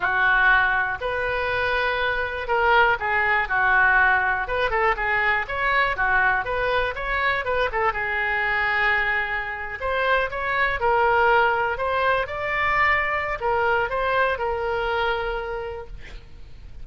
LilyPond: \new Staff \with { instrumentName = "oboe" } { \time 4/4 \tempo 4 = 121 fis'2 b'2~ | b'4 ais'4 gis'4 fis'4~ | fis'4 b'8 a'8 gis'4 cis''4 | fis'4 b'4 cis''4 b'8 a'8 |
gis'2.~ gis'8. c''16~ | c''8. cis''4 ais'2 c''16~ | c''8. d''2~ d''16 ais'4 | c''4 ais'2. | }